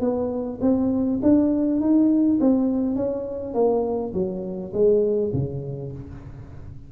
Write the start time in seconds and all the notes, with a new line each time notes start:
0.00 B3
0.61 C4
1.22 D4
1.80 D#4
2.40 C4
2.95 C#4
3.54 A#3
4.13 F#3
4.73 G#3
5.33 C#3